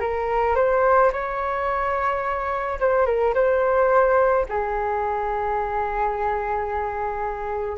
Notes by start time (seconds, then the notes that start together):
0.00 A#4
0.55 C5
1.12 C#5
2.80 C5
3.06 A#4
3.34 C5
4.48 G#4